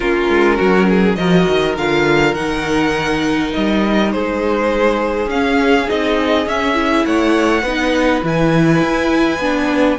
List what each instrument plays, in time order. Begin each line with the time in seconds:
0.00 cello A#3, viola C#4, violin F4 A#4
0.29 cello G#3
0.56 cello F#3, violin F#4
0.88 violin G#4
1.15 cello F3, viola F#4, violin A#4 D#5
1.47 cello D#3
1.76 cello D3, viola F4, violin F5
2.34 cello D#3, viola D#4, violin F#5
3.53 cello G3, violin D#5
4.11 cello G#3, violin G#4 C5
5.26 cello C#4, viola C#4, violin F5
5.87 cello C4, viola D#4, violin D#5
6.45 cello C#4, viola C#4, violin E5
6.74 viola E4
7.05 cello A3, violin C#5 F#5
7.62 cello B3, viola D#4, violin B4
8.23 cello E3, viola E4, violin G#5
8.81 cello E4
9.38 cello B3, viola D4